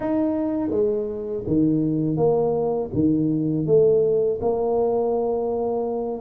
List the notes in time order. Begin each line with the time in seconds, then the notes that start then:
0.00 D#4
0.71 G#3
1.46 D#3
2.17 A#3
2.93 D#3
3.66 A3
4.41 A#3